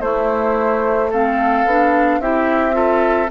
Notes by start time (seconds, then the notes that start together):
0.00 A3 E4 C5
1.10 C4 A4 F5
1.65 B3 D4
2.20 C4 E4 G4 E5
2.72 F4 A4